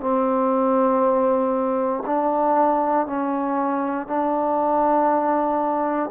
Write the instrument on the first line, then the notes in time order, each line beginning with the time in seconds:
trombone
0.00 C4
2.06 D4
3.06 C#4
4.07 D4